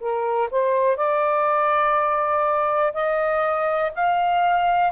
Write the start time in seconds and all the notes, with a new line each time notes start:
0.00 A#4
0.51 C5
0.96 D5
2.93 D#5
3.95 F5